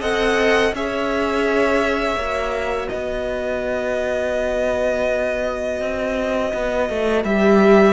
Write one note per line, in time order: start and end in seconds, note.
0.00 0.73 C4
0.00 0.74 A4
0.00 0.72 D#5
0.00 0.74 F#5
0.73 2.15 C#4
0.73 2.19 G#4
0.73 2.91 C#5
0.73 2.88 E5
2.15 2.88 A#3
2.15 7.25 F#4
2.88 5.80 B3
2.88 7.93 B4
2.88 7.22 D#5
5.80 6.52 C4
6.53 6.89 B3
6.89 7.24 A3
7.24 7.93 G3
7.24 7.93 G4
7.24 7.93 E5